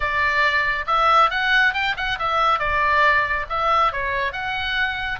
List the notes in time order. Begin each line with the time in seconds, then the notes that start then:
0.00 D5
0.86 E5
1.30 F#5
1.73 G5
1.96 F#5
2.18 E5
2.59 D5
3.49 E5
3.92 C#5
4.32 F#5